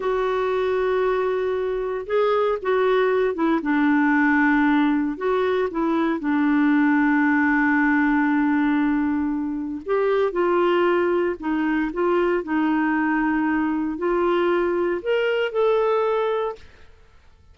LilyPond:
\new Staff \with { instrumentName = "clarinet" } { \time 4/4 \tempo 4 = 116 fis'1 | gis'4 fis'4. e'8 d'4~ | d'2 fis'4 e'4 | d'1~ |
d'2. g'4 | f'2 dis'4 f'4 | dis'2. f'4~ | f'4 ais'4 a'2 | }